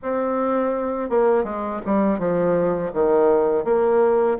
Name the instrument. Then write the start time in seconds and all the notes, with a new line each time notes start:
bassoon
0.02 C4
1.09 A#3
1.44 G#3
1.85 G3
2.19 F3
2.93 D#3
3.64 A#3